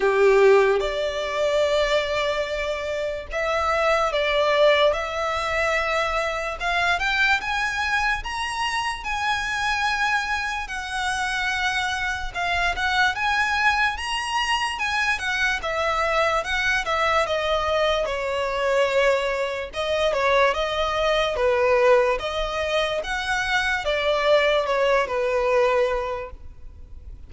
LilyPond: \new Staff \with { instrumentName = "violin" } { \time 4/4 \tempo 4 = 73 g'4 d''2. | e''4 d''4 e''2 | f''8 g''8 gis''4 ais''4 gis''4~ | gis''4 fis''2 f''8 fis''8 |
gis''4 ais''4 gis''8 fis''8 e''4 | fis''8 e''8 dis''4 cis''2 | dis''8 cis''8 dis''4 b'4 dis''4 | fis''4 d''4 cis''8 b'4. | }